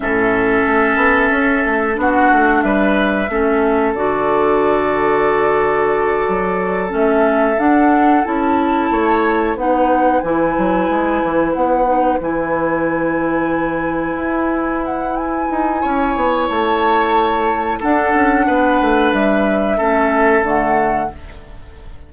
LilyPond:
<<
  \new Staff \with { instrumentName = "flute" } { \time 4/4 \tempo 4 = 91 e''2. fis''4 | e''2 d''2~ | d''2~ d''8 e''4 fis''8~ | fis''8 a''2 fis''4 gis''8~ |
gis''4. fis''4 gis''4.~ | gis''2~ gis''8 fis''8 gis''4~ | gis''4 a''2 fis''4~ | fis''4 e''2 fis''4 | }
  \new Staff \with { instrumentName = "oboe" } { \time 4/4 a'2. fis'4 | b'4 a'2.~ | a'1~ | a'4. cis''4 b'4.~ |
b'1~ | b'1 | cis''2. a'4 | b'2 a'2 | }
  \new Staff \with { instrumentName = "clarinet" } { \time 4/4 cis'2. d'4~ | d'4 cis'4 fis'2~ | fis'2~ fis'8 cis'4 d'8~ | d'8 e'2 dis'4 e'8~ |
e'2 dis'8 e'4.~ | e'1~ | e'2. d'4~ | d'2 cis'4 a4 | }
  \new Staff \with { instrumentName = "bassoon" } { \time 4/4 a,4 a8 b8 cis'8 a8 b8 a8 | g4 a4 d2~ | d4. fis4 a4 d'8~ | d'8 cis'4 a4 b4 e8 |
fis8 gis8 e8 b4 e4.~ | e4. e'2 dis'8 | cis'8 b8 a2 d'8 cis'8 | b8 a8 g4 a4 d4 | }
>>